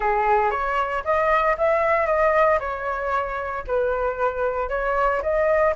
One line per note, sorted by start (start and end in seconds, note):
0.00 0.51 G#4
0.51 1.03 C#5
1.04 1.56 D#5
1.57 2.06 E5
2.06 2.58 D#5
2.59 3.64 C#5
3.67 4.69 B4
4.69 5.21 C#5
5.22 5.74 D#5